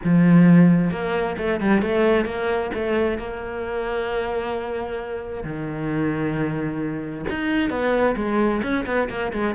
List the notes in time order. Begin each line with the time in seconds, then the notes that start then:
0.03 F3
0.90 A#3
1.37 A3
1.60 G3
1.82 A3
2.25 A#3
2.74 A3
3.17 A#3
5.43 D#3
7.29 D#4
7.69 B3
8.16 G#3
8.62 C#4
8.86 B3
9.09 A#3
9.32 G#3